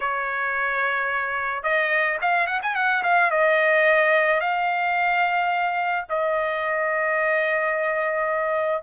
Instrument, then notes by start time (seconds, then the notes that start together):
trumpet
0.00 C#5
1.63 D#5
2.21 F5
2.46 F#5
2.62 G#5
2.75 F#5
3.03 F5
3.30 D#5
4.40 F5
6.09 D#5